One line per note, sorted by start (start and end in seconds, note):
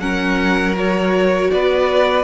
0.00 1.50 F#3
0.00 0.75 C#4
0.00 1.52 A#4
0.00 0.75 F#5
0.75 2.25 F#4
0.75 1.51 C#5
1.51 2.25 B3
1.51 2.25 B4
1.51 2.25 D5